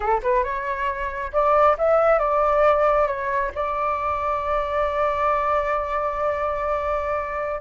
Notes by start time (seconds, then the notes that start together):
0.00 A4
0.22 B4
0.43 C#5
1.32 D5
1.77 E5
2.18 D5
3.07 C#5
3.54 D5